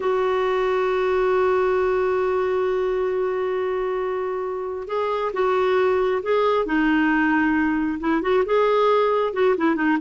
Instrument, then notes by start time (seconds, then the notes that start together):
clarinet
0.00 F#4
4.87 G#4
5.33 F#4
6.23 G#4
6.65 D#4
8.00 E4
8.22 F#4
8.45 G#4
9.33 F#4
9.57 E4
9.75 D#4